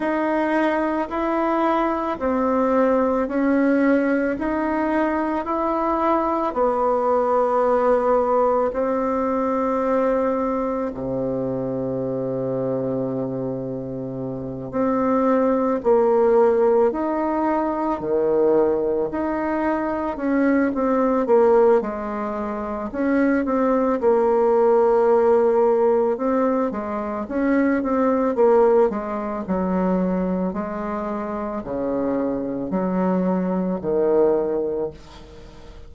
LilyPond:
\new Staff \with { instrumentName = "bassoon" } { \time 4/4 \tempo 4 = 55 dis'4 e'4 c'4 cis'4 | dis'4 e'4 b2 | c'2 c2~ | c4. c'4 ais4 dis'8~ |
dis'8 dis4 dis'4 cis'8 c'8 ais8 | gis4 cis'8 c'8 ais2 | c'8 gis8 cis'8 c'8 ais8 gis8 fis4 | gis4 cis4 fis4 dis4 | }